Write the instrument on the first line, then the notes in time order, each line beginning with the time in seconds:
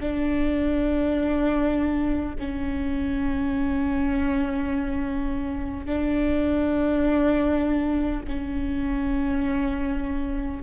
viola
0.00 D4
2.39 C#4
5.86 D4
8.28 C#4